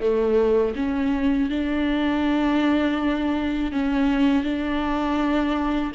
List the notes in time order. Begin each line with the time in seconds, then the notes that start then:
0.00 A3
0.75 C#4
1.49 D4
3.72 C#4
4.43 D4